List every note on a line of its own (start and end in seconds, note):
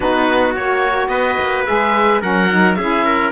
0.00 0.56 B3
0.00 0.55 D#4
0.00 1.10 F#4
0.00 0.53 B4
0.56 1.08 A#3
0.56 1.66 F#4
0.56 1.08 C#5
1.08 1.36 B3
1.08 2.21 B4
1.08 1.63 D#5
1.40 1.67 A#3
1.66 2.22 G#3
1.66 2.21 G#4
1.66 2.21 E5
2.21 2.78 F#3
2.21 2.49 C#4
2.21 2.76 A#4
2.21 2.74 F#5
2.50 2.78 D#4
2.74 3.32 C#4
2.74 3.32 E4
2.74 3.04 G#4
2.74 3.30 E5
3.04 3.32 A#4